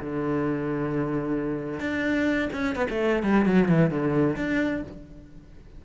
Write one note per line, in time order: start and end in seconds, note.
0.00 1.80 D3
1.80 2.49 D4
2.53 2.76 C#4
2.76 2.87 B3
2.90 3.23 A3
3.23 3.46 G3
3.46 3.69 F#3
3.69 3.90 E3
3.90 4.36 D3
4.36 4.82 D4